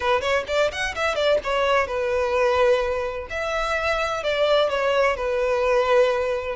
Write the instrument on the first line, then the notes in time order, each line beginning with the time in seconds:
violin
0.00 B4
0.21 C#5
0.47 D5
0.71 F#5
0.95 E5
1.15 D5
1.43 C#5
1.87 B4
3.29 E5
4.23 D5
4.69 C#5
5.16 B4